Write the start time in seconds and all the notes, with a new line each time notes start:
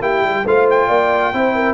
0.00 A#3 E4 G4 G5
0.22 G3
0.45 A3 F4 C5 F5
0.70 G5
0.87 A#3 D5
1.33 C4 E4 C5
1.55 A#4